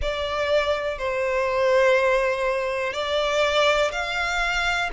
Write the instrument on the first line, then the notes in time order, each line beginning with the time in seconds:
violin
0.01 D5
0.98 C5
2.92 D5
3.91 F5